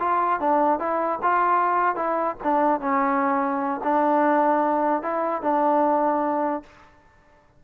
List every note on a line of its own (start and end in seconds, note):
0.00 0.40 F4
0.40 0.79 D4
0.79 1.20 E4
1.23 1.96 F4
1.96 2.36 E4
2.44 2.81 D4
2.81 3.81 C#4
3.84 5.03 D4
5.03 5.43 E4
5.43 6.63 D4